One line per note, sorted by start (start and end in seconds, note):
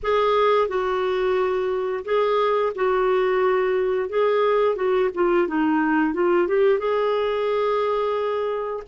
0.02 0.68 G#4
0.68 2.04 F#4
2.04 2.72 G#4
2.75 4.09 F#4
4.09 4.75 G#4
4.75 5.10 F#4
5.14 5.47 F4
5.47 6.13 D#4
6.13 6.47 F4
6.47 6.78 G4
6.78 8.83 G#4